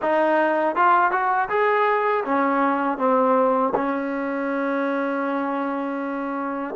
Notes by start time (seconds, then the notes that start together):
0.01 D#4
0.75 F4
1.11 F#4
1.49 G#4
2.25 C#4
2.98 C4
3.74 C#4